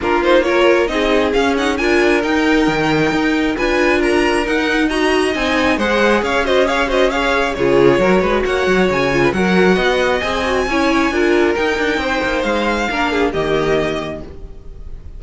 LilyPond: <<
  \new Staff \with { instrumentName = "violin" } { \time 4/4 \tempo 4 = 135 ais'8 c''8 cis''4 dis''4 f''8 fis''8 | gis''4 g''2. | gis''4 ais''4 fis''4 ais''4 | gis''4 fis''4 f''8 dis''8 f''8 dis''8 |
f''4 cis''2 fis''4 | gis''4 fis''2 gis''4~ | gis''2 g''2 | f''2 dis''2 | }
  \new Staff \with { instrumentName = "violin" } { \time 4/4 f'4 ais'4 gis'2 | ais'1 | b'4 ais'2 dis''4~ | dis''4 c''4 cis''8 c''8 cis''8 c''8 |
cis''4 gis'4 ais'8 b'8 cis''4~ | cis''8. b'16 ais'4 dis''2 | cis''4 ais'2 c''4~ | c''4 ais'8 gis'8 g'2 | }
  \new Staff \with { instrumentName = "viola" } { \time 4/4 d'8 dis'8 f'4 dis'4 cis'8 dis'8 | f'4 dis'2. | f'2 dis'4 fis'4 | dis'4 gis'4. fis'8 gis'8 fis'8 |
gis'4 f'4 fis'2~ | fis'8 f'8 fis'2 gis'8 fis'8 | e'4 f'4 dis'2~ | dis'4 d'4 ais2 | }
  \new Staff \with { instrumentName = "cello" } { \time 4/4 ais2 c'4 cis'4 | d'4 dis'4 dis4 dis'4 | d'2 dis'2 | c'4 gis4 cis'2~ |
cis'4 cis4 fis8 gis8 ais8 fis8 | cis4 fis4 b4 c'4 | cis'4 d'4 dis'8 d'8 c'8 ais8 | gis4 ais4 dis2 | }
>>